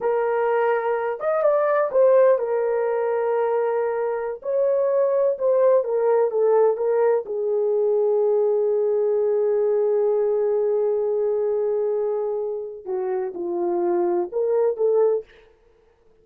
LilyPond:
\new Staff \with { instrumentName = "horn" } { \time 4/4 \tempo 4 = 126 ais'2~ ais'8 dis''8 d''4 | c''4 ais'2.~ | ais'4~ ais'16 cis''2 c''8.~ | c''16 ais'4 a'4 ais'4 gis'8.~ |
gis'1~ | gis'1~ | gis'2. fis'4 | f'2 ais'4 a'4 | }